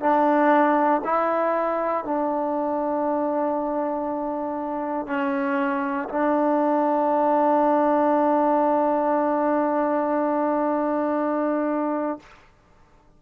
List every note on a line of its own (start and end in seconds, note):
0.00 1.02 D4
1.04 2.04 E4
2.04 5.06 D4
5.06 6.08 C#4
6.09 12.19 D4